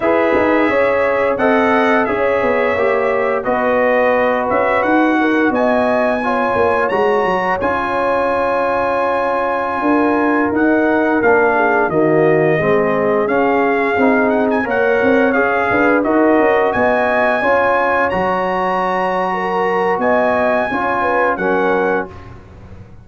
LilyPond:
<<
  \new Staff \with { instrumentName = "trumpet" } { \time 4/4 \tempo 4 = 87 e''2 fis''4 e''4~ | e''4 dis''4. e''8 fis''4 | gis''2 ais''4 gis''4~ | gis''2.~ gis''16 fis''8.~ |
fis''16 f''4 dis''2 f''8.~ | f''8. fis''16 gis''16 fis''4 f''4 dis''8.~ | dis''16 gis''2 ais''4.~ ais''16~ | ais''4 gis''2 fis''4 | }
  \new Staff \with { instrumentName = "horn" } { \time 4/4 b'4 cis''4 dis''4 cis''4~ | cis''4 b'2~ b'8 ais'8 | dis''4 cis''2.~ | cis''2~ cis''16 ais'4.~ ais'16~ |
ais'8. gis'8 fis'4 gis'4.~ gis'16~ | gis'4~ gis'16 cis''4. b'8 ais'8.~ | ais'16 dis''4 cis''2~ cis''8. | ais'4 dis''4 cis''8 b'8 ais'4 | }
  \new Staff \with { instrumentName = "trombone" } { \time 4/4 gis'2 a'4 gis'4 | g'4 fis'2.~ | fis'4 f'4 fis'4 f'4~ | f'2.~ f'16 dis'8.~ |
dis'16 d'4 ais4 c'4 cis'8.~ | cis'16 dis'4 ais'4 gis'4 fis'8.~ | fis'4~ fis'16 f'4 fis'4.~ fis'16~ | fis'2 f'4 cis'4 | }
  \new Staff \with { instrumentName = "tuba" } { \time 4/4 e'8 dis'8 cis'4 c'4 cis'8 b8 | ais4 b4. cis'8 dis'4 | b4. ais8 gis8 fis8 cis'4~ | cis'2~ cis'16 d'4 dis'8.~ |
dis'16 ais4 dis4 gis4 cis'8.~ | cis'16 c'4 ais8 c'8 cis'8 d'8 dis'8 cis'16~ | cis'16 b4 cis'4 fis4.~ fis16~ | fis4 b4 cis'4 fis4 | }
>>